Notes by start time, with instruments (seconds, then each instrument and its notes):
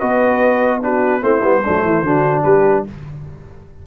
0.00 tuba B3, trombone F#4, horn B4, trumpet D#5
0.82 trombone D4, horn F#4, trumpet B4
1.22 tuba A3, trombone C4, horn E4, trumpet C5
1.43 tuba G3, trombone B3
1.64 tuba F#3, trombone A3, horn D4
1.84 tuba E3, horn E4
2.03 tuba D3, trombone D4, horn F#4
2.43 tuba G3, horn G4, trumpet B4